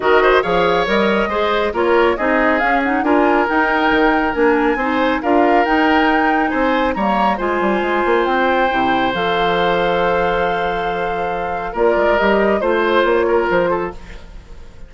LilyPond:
<<
  \new Staff \with { instrumentName = "flute" } { \time 4/4 \tempo 4 = 138 dis''4 f''4 dis''2 | cis''4 dis''4 f''8 fis''8 gis''4 | g''2 gis''2 | f''4 g''2 gis''4 |
ais''4 gis''2 g''4~ | g''4 f''2.~ | f''2. d''4 | dis''4 c''4 cis''4 c''4 | }
  \new Staff \with { instrumentName = "oboe" } { \time 4/4 ais'8 c''8 cis''2 c''4 | ais'4 gis'2 ais'4~ | ais'2. c''4 | ais'2. c''4 |
cis''4 c''2.~ | c''1~ | c''2. ais'4~ | ais'4 c''4. ais'4 a'8 | }
  \new Staff \with { instrumentName = "clarinet" } { \time 4/4 fis'4 gis'4 ais'4 gis'4 | f'4 dis'4 cis'8 dis'8 f'4 | dis'2 d'4 dis'4 | f'4 dis'2. |
ais4 f'2. | e'4 a'2.~ | a'2. f'4 | g'4 f'2. | }
  \new Staff \with { instrumentName = "bassoon" } { \time 4/4 dis4 f4 g4 gis4 | ais4 c'4 cis'4 d'4 | dis'4 dis4 ais4 c'4 | d'4 dis'2 c'4 |
g4 gis8 g8 gis8 ais8 c'4 | c4 f2.~ | f2. ais8 gis8 | g4 a4 ais4 f4 | }
>>